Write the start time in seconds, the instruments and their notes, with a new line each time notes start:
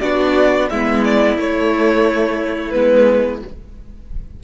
0.00 cello B3, viola D4, violin F#4 D5
0.69 cello G#3, viola B3, violin E4 E5
1.04 violin D5
1.36 cello A3, viola A3, violin C#5
2.70 cello G#3, viola B3, violin B4